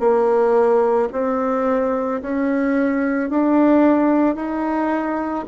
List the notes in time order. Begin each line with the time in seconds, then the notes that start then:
0.00 A#3
1.13 C4
2.22 C#4
3.30 D4
4.36 D#4